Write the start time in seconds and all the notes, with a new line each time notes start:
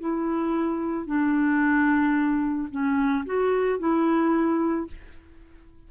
0.00 E4
1.06 D4
2.71 C#4
3.26 F#4
3.79 E4